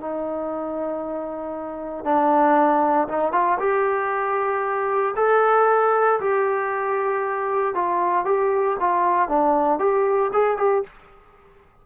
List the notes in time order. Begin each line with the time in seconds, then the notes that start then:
0.00 D#4
2.05 D4
3.08 D#4
3.32 F4
3.59 G4
5.16 A4
6.20 G4
7.74 F4
8.25 G4
8.80 F4
9.28 D4
9.79 G4
10.33 G#4
10.57 G4